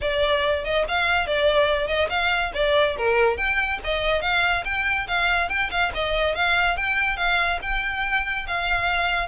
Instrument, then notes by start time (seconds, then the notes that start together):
violin
0.01 D5
0.64 D#5
0.88 F5
1.27 D5
1.87 D#5
2.09 F5
2.54 D5
2.97 A#4
3.37 G5
3.83 D#5
4.21 F5
4.65 G5
5.07 F5
5.49 G5
5.70 F5
5.94 D#5
6.35 F5
6.76 G5
7.17 F5
7.62 G5
8.47 F5